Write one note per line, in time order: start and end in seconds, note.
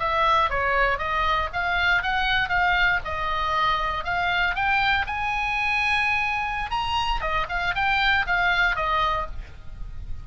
0.00 0.50 E5
0.50 0.99 C#5
0.99 1.50 D#5
1.53 2.03 F5
2.03 2.49 F#5
2.49 3.00 F5
3.05 4.04 D#5
4.04 4.55 F5
4.55 5.06 G5
5.07 6.71 G#5
6.71 7.21 A#5
7.21 7.47 D#5
7.50 7.75 F5
7.76 8.27 G5
8.27 8.76 F5
8.76 9.27 D#5